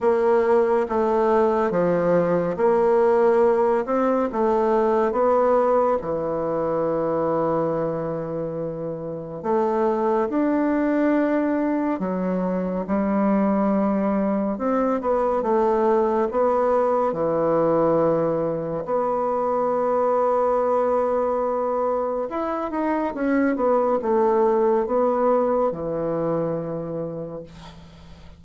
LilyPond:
\new Staff \with { instrumentName = "bassoon" } { \time 4/4 \tempo 4 = 70 ais4 a4 f4 ais4~ | ais8 c'8 a4 b4 e4~ | e2. a4 | d'2 fis4 g4~ |
g4 c'8 b8 a4 b4 | e2 b2~ | b2 e'8 dis'8 cis'8 b8 | a4 b4 e2 | }